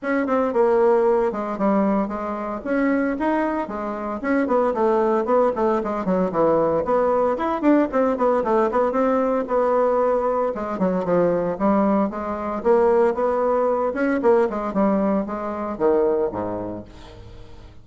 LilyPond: \new Staff \with { instrumentName = "bassoon" } { \time 4/4 \tempo 4 = 114 cis'8 c'8 ais4. gis8 g4 | gis4 cis'4 dis'4 gis4 | cis'8 b8 a4 b8 a8 gis8 fis8 | e4 b4 e'8 d'8 c'8 b8 |
a8 b8 c'4 b2 | gis8 fis8 f4 g4 gis4 | ais4 b4. cis'8 ais8 gis8 | g4 gis4 dis4 gis,4 | }